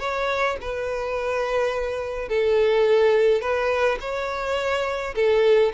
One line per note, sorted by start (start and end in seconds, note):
0.00 0.57 C#5
0.62 2.29 B4
2.29 3.42 A4
3.42 3.99 B4
4.01 5.15 C#5
5.16 5.73 A4